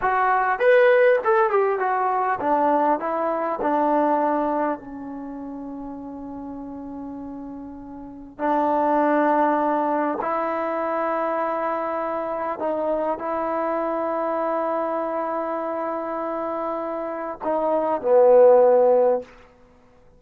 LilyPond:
\new Staff \with { instrumentName = "trombone" } { \time 4/4 \tempo 4 = 100 fis'4 b'4 a'8 g'8 fis'4 | d'4 e'4 d'2 | cis'1~ | cis'2 d'2~ |
d'4 e'2.~ | e'4 dis'4 e'2~ | e'1~ | e'4 dis'4 b2 | }